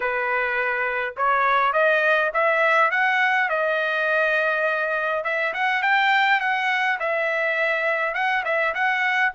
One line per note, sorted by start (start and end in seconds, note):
0.00 1.14 B4
1.17 1.72 C#5
1.72 2.31 D#5
2.33 2.90 E5
2.90 3.49 F#5
3.49 5.23 D#5
5.24 5.53 E5
5.53 5.82 F#5
5.82 6.40 G5
6.40 6.98 F#5
6.99 8.14 E5
8.14 8.43 F#5
8.45 8.74 E5
8.74 9.32 F#5